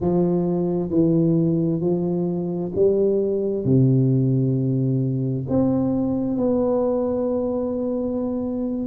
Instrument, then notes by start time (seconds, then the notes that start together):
tuba
0.00 F3
0.90 E3
1.80 F3
2.75 G3
3.64 C3
5.48 C4
6.37 B3